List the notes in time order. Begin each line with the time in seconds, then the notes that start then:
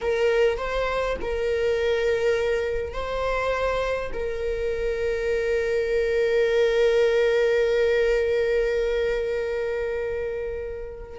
0.01 A#4
0.57 C5
1.21 A#4
2.93 C5
4.13 A#4